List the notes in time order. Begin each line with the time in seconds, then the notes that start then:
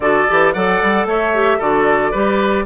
0.00 D3 F#4 A4 D5
0.28 E3 G4
0.52 F#3 A4 D5 F#5
0.81 G3
1.05 A3 C#5 E5
1.34 G4
1.58 D3 F#4 A4 D5
2.11 G3 G4 B4